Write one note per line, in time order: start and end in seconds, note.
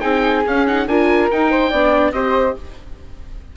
0.00 0.45 C4
0.00 0.43 D#4
0.00 0.85 G#4
0.00 0.42 G5
0.46 0.87 C#4
0.46 0.67 C#4
0.46 0.67 F5
0.67 0.88 D#4
0.67 0.88 F#5
0.87 1.29 D4
0.87 1.31 F4
0.87 1.50 A#4
0.87 1.30 G#5
1.31 1.74 D#4
1.31 1.71 D#4
1.31 2.12 G5
1.50 1.70 C5
1.70 2.11 B3
1.70 2.14 D4
1.70 2.12 D5
2.11 2.54 C4
2.11 2.56 G4
2.11 2.56 C5
2.11 2.54 D#5